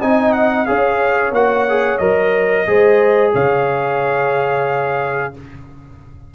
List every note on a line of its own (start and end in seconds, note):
0.00 0.68 C4
0.00 0.67 D#4
0.00 0.67 D#5
0.00 0.33 G#5
0.33 0.66 F#5
0.66 1.32 C#4
0.66 1.33 G#4
0.66 2.67 C#5
0.66 1.33 F5
1.32 1.98 A#3
1.32 1.68 F#4
1.32 1.98 F#5
1.69 2.01 G#4
1.98 2.67 F#3
1.98 2.67 A#4
1.98 3.32 D#5
2.67 3.34 G#3
2.67 5.34 G#4
2.67 3.33 C5
3.33 5.35 C#3
3.33 5.33 C#5
3.33 5.35 F5